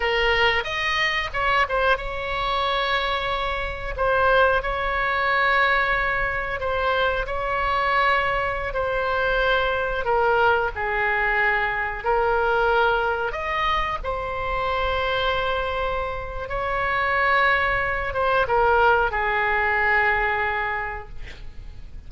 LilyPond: \new Staff \with { instrumentName = "oboe" } { \time 4/4 \tempo 4 = 91 ais'4 dis''4 cis''8 c''8 cis''4~ | cis''2 c''4 cis''4~ | cis''2 c''4 cis''4~ | cis''4~ cis''16 c''2 ais'8.~ |
ais'16 gis'2 ais'4.~ ais'16~ | ais'16 dis''4 c''2~ c''8.~ | c''4 cis''2~ cis''8 c''8 | ais'4 gis'2. | }